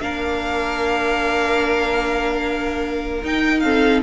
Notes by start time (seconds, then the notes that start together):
0.00 A#3 D4 A#4 F5
3.23 D#4 G5
3.60 C4 A4 F5